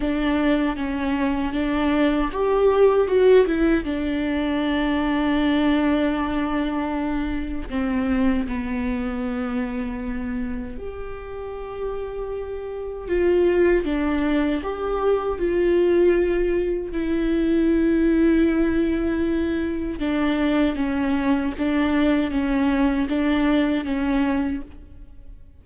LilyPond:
\new Staff \with { instrumentName = "viola" } { \time 4/4 \tempo 4 = 78 d'4 cis'4 d'4 g'4 | fis'8 e'8 d'2.~ | d'2 c'4 b4~ | b2 g'2~ |
g'4 f'4 d'4 g'4 | f'2 e'2~ | e'2 d'4 cis'4 | d'4 cis'4 d'4 cis'4 | }